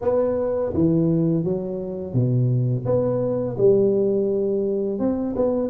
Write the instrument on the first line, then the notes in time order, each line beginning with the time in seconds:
tuba
0.01 B3
0.73 E3
1.44 F#3
2.13 B2
2.85 B3
3.57 G3
4.99 C4
5.36 B3